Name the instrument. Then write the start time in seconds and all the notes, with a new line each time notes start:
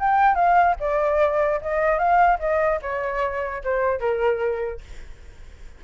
flute
0.00 G5
0.36 F5
0.80 D5
1.62 D#5
1.99 F5
2.40 D#5
2.82 C#5
3.64 C5
4.00 A#4